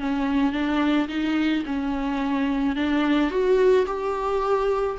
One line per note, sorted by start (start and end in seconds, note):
0.00 0.53 C#4
0.53 1.08 D4
1.09 1.64 D#4
1.66 2.76 C#4
2.76 3.31 D4
3.31 3.86 F#4
3.86 4.97 G4